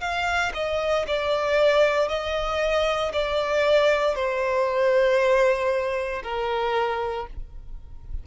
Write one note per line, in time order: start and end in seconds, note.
0.00 0.52 F5
0.54 1.05 D#5
1.07 2.08 D5
2.08 3.12 D#5
3.13 4.15 D5
4.15 6.22 C5
6.23 7.26 A#4